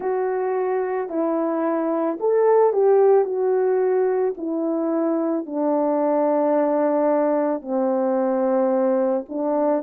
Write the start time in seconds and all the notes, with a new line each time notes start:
0.00 F#4
1.09 E4
2.20 A4
2.73 G4
3.24 F#4
4.37 E4
5.45 D4
7.61 C4
9.28 D4